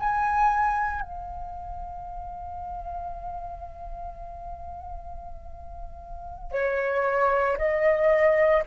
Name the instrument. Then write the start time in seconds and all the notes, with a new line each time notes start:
flute
0.00 G#5
1.01 F5
6.52 C#5
7.58 D#5